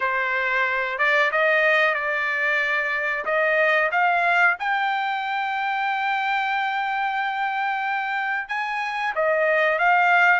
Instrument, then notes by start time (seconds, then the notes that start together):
trumpet
0.00 C5
0.98 D5
1.31 D#5
1.94 D5
3.25 D#5
3.91 F5
4.59 G5
8.48 G#5
9.15 D#5
9.78 F5